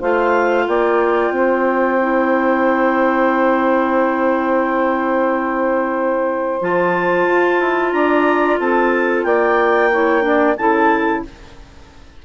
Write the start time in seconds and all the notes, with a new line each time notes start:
0.00 A3 F4 C5 F5
0.68 A#3 D5 G5
1.31 C4 C5
2.01 E4
6.61 F3 F4 A5
7.27 F4
7.60 E4
7.93 D4 D5 A#5
8.59 C4 A4 A5
9.24 A#3 D5 G5
9.92 E4 C#5
10.22 D4 D5
10.57 C#3 E4 A4 A5